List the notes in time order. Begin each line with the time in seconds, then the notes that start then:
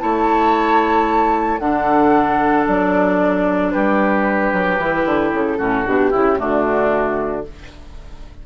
0.00 A3 E4 C#5 A5
1.59 D3 D4 A4 F#5
2.68 F#3 D5
3.72 G3 G4 B4
4.53 F#3
4.79 E3 E4
5.06 D3
5.33 C#3 A4
5.58 A2 C#4 F#4
5.85 B2 D4 G4
6.11 C#3 E4
6.36 D3 A3 D4 F#4